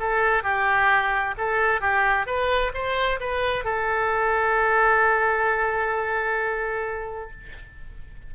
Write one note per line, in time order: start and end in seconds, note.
0.00 0.43 A4
0.43 1.35 G4
1.38 1.81 A4
1.81 2.26 G4
2.26 2.72 B4
2.74 3.20 C5
3.20 3.65 B4
3.65 7.31 A4